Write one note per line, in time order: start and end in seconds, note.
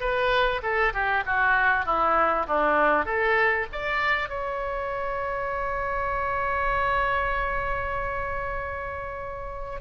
0.00 0.61 B4
0.62 0.93 A4
0.93 1.24 G4
1.26 1.85 F#4
1.85 2.47 E4
2.47 3.06 D4
3.06 3.67 A4
3.72 4.29 D5
4.29 9.80 C#5